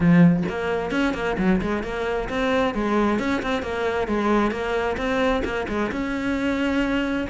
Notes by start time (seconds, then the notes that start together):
0.00 F3
0.49 A#3
0.91 C#4
1.14 A#3
1.38 F#3
1.61 G#3
1.83 A#3
2.29 C4
2.74 G#3
3.19 C#4
3.42 C4
3.62 A#3
4.07 G#3
4.51 A#3
4.97 C4
5.44 A#3
5.68 G#3
5.91 C#4